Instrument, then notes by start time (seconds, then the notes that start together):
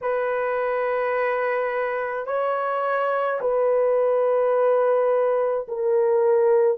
horn
0.01 B4
2.26 C#5
3.40 B4
5.68 A#4